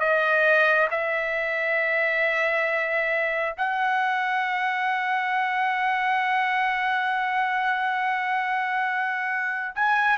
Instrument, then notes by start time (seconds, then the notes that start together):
trumpet
0.00 D#5
0.91 E5
3.57 F#5
9.75 G#5